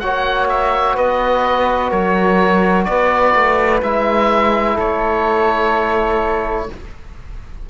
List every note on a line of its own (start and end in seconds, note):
0.00 0.98 A#3
0.00 3.83 F#4
0.00 0.96 C#5
0.00 0.48 F#5
0.49 0.97 E5
0.96 1.92 B3
0.96 1.91 B4
0.96 1.91 D#5
1.91 2.87 F#3
1.91 2.86 A#4
1.91 2.85 C#5
2.85 3.35 B3
2.85 4.75 B4
2.85 3.80 D5
3.35 3.83 A3
3.83 4.78 G#3
3.83 6.69 E4
3.83 4.78 E5
4.75 6.69 A3
4.75 6.66 A4
4.75 6.70 C#5